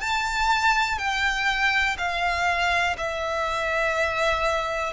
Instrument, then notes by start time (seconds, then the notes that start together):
violin
0.00 A5
0.98 G5
1.98 F5
2.97 E5